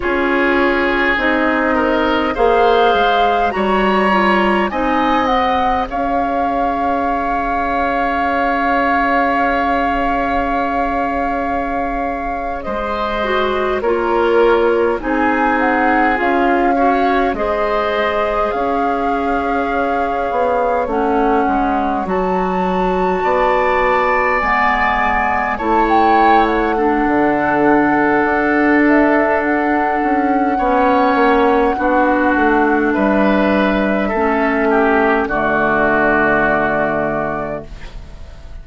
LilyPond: <<
  \new Staff \with { instrumentName = "flute" } { \time 4/4 \tempo 4 = 51 cis''4 dis''4 f''4 ais''4 | gis''8 fis''8 f''2.~ | f''2~ f''8. dis''4 cis''16~ | cis''8. gis''8 fis''8 f''4 dis''4 f''16~ |
f''4.~ f''16 fis''4 a''4~ a''16~ | a''8. gis''4 a''16 g''8 fis''4.~ | fis''8 e''8 fis''2. | e''2 d''2 | }
  \new Staff \with { instrumentName = "oboe" } { \time 4/4 gis'4. ais'8 c''4 cis''4 | dis''4 cis''2.~ | cis''2~ cis''8. c''4 ais'16~ | ais'8. gis'4. cis''8 c''4 cis''16~ |
cis''2.~ cis''8. d''16~ | d''4.~ d''16 cis''4 a'4~ a'16~ | a'2 cis''4 fis'4 | b'4 a'8 g'8 fis'2 | }
  \new Staff \with { instrumentName = "clarinet" } { \time 4/4 f'4 dis'4 gis'4 fis'8 f'8 | dis'8 gis'2.~ gis'8~ | gis'2.~ gis'16 fis'8 f'16~ | f'8. dis'4 f'8 fis'8 gis'4~ gis'16~ |
gis'4.~ gis'16 cis'4 fis'4~ fis'16~ | fis'8. b4 e'4 d'4~ d'16~ | d'2 cis'4 d'4~ | d'4 cis'4 a2 | }
  \new Staff \with { instrumentName = "bassoon" } { \time 4/4 cis'4 c'4 ais8 gis8 g4 | c'4 cis'2.~ | cis'2~ cis'8. gis4 ais16~ | ais8. c'4 cis'4 gis4 cis'16~ |
cis'4~ cis'16 b8 a8 gis8 fis4 b16~ | b8. gis4 a4~ a16 d4 | d'4. cis'8 b8 ais8 b8 a8 | g4 a4 d2 | }
>>